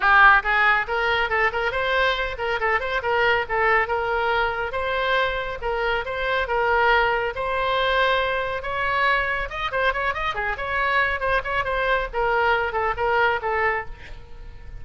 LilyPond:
\new Staff \with { instrumentName = "oboe" } { \time 4/4 \tempo 4 = 139 g'4 gis'4 ais'4 a'8 ais'8 | c''4. ais'8 a'8 c''8 ais'4 | a'4 ais'2 c''4~ | c''4 ais'4 c''4 ais'4~ |
ais'4 c''2. | cis''2 dis''8 c''8 cis''8 dis''8 | gis'8 cis''4. c''8 cis''8 c''4 | ais'4. a'8 ais'4 a'4 | }